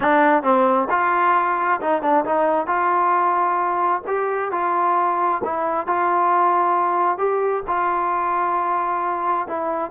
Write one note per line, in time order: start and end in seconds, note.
0.00 0.43 D4
0.43 0.88 C4
0.90 1.80 F4
1.81 2.02 D#4
2.02 2.24 D4
2.25 2.66 D#4
2.66 4.02 F4
4.07 4.51 G4
4.51 5.41 F4
5.44 5.86 E4
5.86 7.18 F4
7.18 7.63 G4
7.67 9.47 F4
9.47 9.90 E4